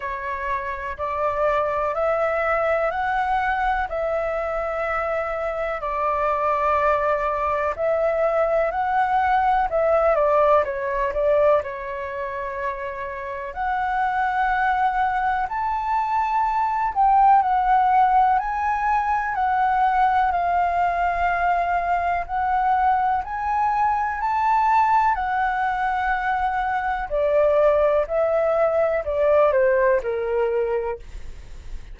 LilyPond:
\new Staff \with { instrumentName = "flute" } { \time 4/4 \tempo 4 = 62 cis''4 d''4 e''4 fis''4 | e''2 d''2 | e''4 fis''4 e''8 d''8 cis''8 d''8 | cis''2 fis''2 |
a''4. g''8 fis''4 gis''4 | fis''4 f''2 fis''4 | gis''4 a''4 fis''2 | d''4 e''4 d''8 c''8 ais'4 | }